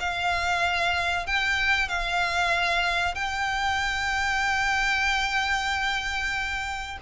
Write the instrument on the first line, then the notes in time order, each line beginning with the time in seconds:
violin
0.00 F5
1.26 G5
1.89 F5
3.15 G5